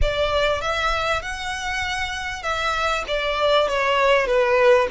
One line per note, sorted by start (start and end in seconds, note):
0.01 0.61 D5
0.61 1.22 E5
1.22 2.42 F#5
2.42 3.04 E5
3.07 3.68 D5
3.68 4.26 C#5
4.26 4.87 B4